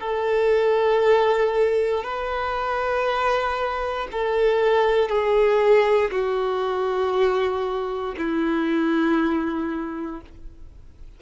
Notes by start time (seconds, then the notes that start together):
0.00 A4
2.03 B4
4.11 A4
5.08 G#4
6.11 F#4
8.17 E4